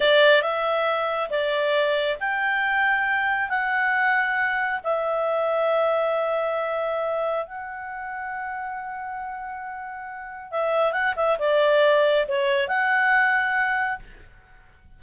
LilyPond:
\new Staff \with { instrumentName = "clarinet" } { \time 4/4 \tempo 4 = 137 d''4 e''2 d''4~ | d''4 g''2. | fis''2. e''4~ | e''1~ |
e''4 fis''2.~ | fis''1 | e''4 fis''8 e''8 d''2 | cis''4 fis''2. | }